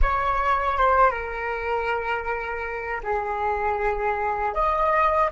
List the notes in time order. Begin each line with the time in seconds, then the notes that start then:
0.02 C#5
0.77 C5
1.10 A#4
3.03 G#4
4.54 D#5